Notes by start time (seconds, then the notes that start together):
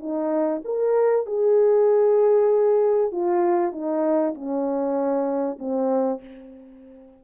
0.00 D#4
0.65 A#4
1.27 G#4
3.12 F4
3.73 D#4
4.35 C#4
5.59 C4